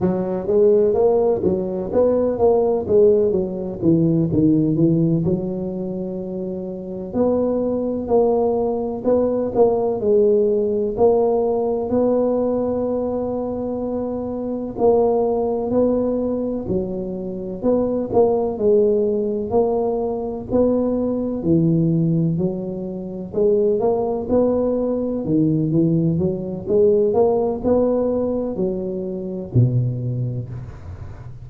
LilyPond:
\new Staff \with { instrumentName = "tuba" } { \time 4/4 \tempo 4 = 63 fis8 gis8 ais8 fis8 b8 ais8 gis8 fis8 | e8 dis8 e8 fis2 b8~ | b8 ais4 b8 ais8 gis4 ais8~ | ais8 b2. ais8~ |
ais8 b4 fis4 b8 ais8 gis8~ | gis8 ais4 b4 e4 fis8~ | fis8 gis8 ais8 b4 dis8 e8 fis8 | gis8 ais8 b4 fis4 b,4 | }